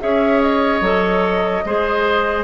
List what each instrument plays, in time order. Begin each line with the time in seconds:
0.00 bassoon C#4, clarinet G#4, oboe C#5, flute E5
0.42 flute D#5
0.81 bassoon F#3, clarinet A4
1.65 bassoon G#3, clarinet G#4, oboe C5